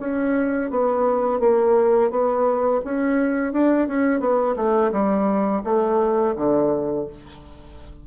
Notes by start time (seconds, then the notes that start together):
0.00 C#4
0.71 B3
1.40 A#3
2.10 B3
2.85 C#4
3.53 D4
3.88 C#4
4.20 B3
4.56 A3
4.92 G3
5.64 A3
6.36 D3